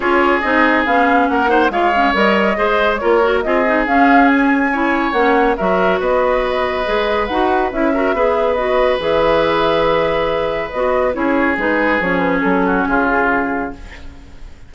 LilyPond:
<<
  \new Staff \with { instrumentName = "flute" } { \time 4/4 \tempo 4 = 140 cis''4 dis''4 f''4 fis''4 | f''4 dis''2 cis''4 | dis''4 f''4 gis''2 | fis''4 e''4 dis''2~ |
dis''4 fis''4 e''2 | dis''4 e''2.~ | e''4 dis''4 cis''4 b'4 | cis''8 b'8 a'4 gis'2 | }
  \new Staff \with { instrumentName = "oboe" } { \time 4/4 gis'2. ais'8 c''8 | cis''2 c''4 ais'4 | gis'2. cis''4~ | cis''4 ais'4 b'2~ |
b'2~ b'8 ais'8 b'4~ | b'1~ | b'2 gis'2~ | gis'4. fis'8 f'2 | }
  \new Staff \with { instrumentName = "clarinet" } { \time 4/4 f'4 dis'4 cis'4. dis'8 | f'8 cis'8 ais'4 gis'4 f'8 fis'8 | f'8 dis'8 cis'2 e'4 | cis'4 fis'2. |
gis'4 fis'4 e'8 fis'8 gis'4 | fis'4 gis'2.~ | gis'4 fis'4 e'4 dis'4 | cis'1 | }
  \new Staff \with { instrumentName = "bassoon" } { \time 4/4 cis'4 c'4 b4 ais4 | gis4 g4 gis4 ais4 | c'4 cis'2. | ais4 fis4 b2 |
gis4 dis'4 cis'4 b4~ | b4 e2.~ | e4 b4 cis'4 gis4 | f4 fis4 cis2 | }
>>